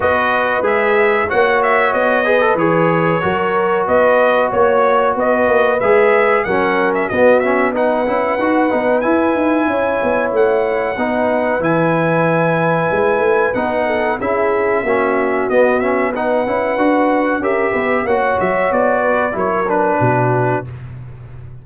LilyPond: <<
  \new Staff \with { instrumentName = "trumpet" } { \time 4/4 \tempo 4 = 93 dis''4 e''4 fis''8 e''8 dis''4 | cis''2 dis''4 cis''4 | dis''4 e''4 fis''8. e''16 dis''8 e''8 | fis''2 gis''2 |
fis''2 gis''2~ | gis''4 fis''4 e''2 | dis''8 e''8 fis''2 e''4 | fis''8 e''8 d''4 cis''8 b'4. | }
  \new Staff \with { instrumentName = "horn" } { \time 4/4 b'2 cis''4. b'8~ | b'4 ais'4 b'4 cis''4 | b'2 ais'4 fis'4 | b'2. cis''4~ |
cis''4 b'2.~ | b'4. a'8 gis'4 fis'4~ | fis'4 b'2 ais'8 b'8 | cis''4. b'8 ais'4 fis'4 | }
  \new Staff \with { instrumentName = "trombone" } { \time 4/4 fis'4 gis'4 fis'4. gis'16 a'16 | gis'4 fis'2.~ | fis'4 gis'4 cis'4 b8 cis'8 | dis'8 e'8 fis'8 dis'8 e'2~ |
e'4 dis'4 e'2~ | e'4 dis'4 e'4 cis'4 | b8 cis'8 dis'8 e'8 fis'4 g'4 | fis'2 e'8 d'4. | }
  \new Staff \with { instrumentName = "tuba" } { \time 4/4 b4 gis4 ais4 b4 | e4 fis4 b4 ais4 | b8 ais8 gis4 fis4 b4~ | b8 cis'8 dis'8 b8 e'8 dis'8 cis'8 b8 |
a4 b4 e2 | gis8 a8 b4 cis'4 ais4 | b4. cis'8 d'4 cis'8 b8 | ais8 fis8 b4 fis4 b,4 | }
>>